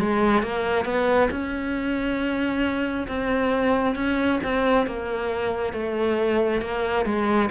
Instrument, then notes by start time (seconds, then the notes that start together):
cello
0.00 G#3
0.43 A#3
0.85 B3
1.31 C#4
3.08 C4
3.95 C#4
4.44 C4
4.87 A#3
5.74 A3
6.62 A#3
7.05 G#3